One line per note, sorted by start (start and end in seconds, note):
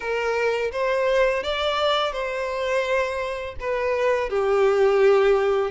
0.00 0.71 A#4
0.72 1.43 C5
1.43 2.12 D5
2.12 3.55 C5
3.60 4.29 B4
4.29 5.70 G4